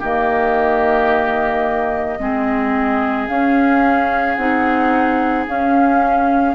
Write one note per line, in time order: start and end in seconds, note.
0.00 2.20 D#3
0.00 2.20 A#3
0.00 2.18 G4
0.00 3.28 D#5
2.20 3.29 G#3
2.20 3.28 C4
2.20 6.55 G#4
3.28 4.37 C#4
3.28 4.36 F5
4.36 5.46 C4
4.36 5.47 D#4
4.36 5.45 F#5
5.47 6.55 C#4
5.47 6.55 F5